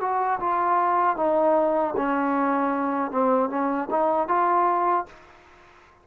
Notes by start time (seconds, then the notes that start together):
0.00 F#4
0.40 F4
1.16 D#4
1.97 C#4
3.11 C4
3.49 C#4
3.90 D#4
4.28 F4